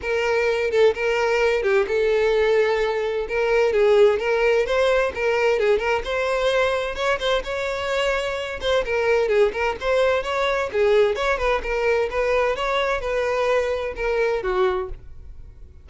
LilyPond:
\new Staff \with { instrumentName = "violin" } { \time 4/4 \tempo 4 = 129 ais'4. a'8 ais'4. g'8 | a'2. ais'4 | gis'4 ais'4 c''4 ais'4 | gis'8 ais'8 c''2 cis''8 c''8 |
cis''2~ cis''8 c''8 ais'4 | gis'8 ais'8 c''4 cis''4 gis'4 | cis''8 b'8 ais'4 b'4 cis''4 | b'2 ais'4 fis'4 | }